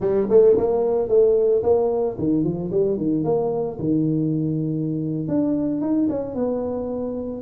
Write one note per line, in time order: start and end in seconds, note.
0.00 0.28 G3
0.29 0.57 A3
0.57 1.08 A#3
1.08 1.62 A3
1.62 2.16 A#3
2.18 2.43 D#3
2.43 2.71 F3
2.71 2.97 G3
2.97 3.24 D#3
3.24 3.78 A#3
3.79 5.28 D#3
5.28 5.81 D4
5.81 6.08 D#4
6.09 6.34 C#4
6.34 7.42 B3